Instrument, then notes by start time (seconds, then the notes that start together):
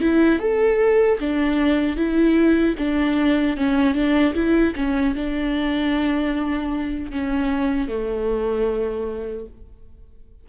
viola
0.00 E4
0.39 A4
1.19 D4
1.96 E4
2.77 D4
3.56 C#4
3.94 D4
4.34 E4
4.75 C#4
5.14 D4
7.11 C#4
7.88 A3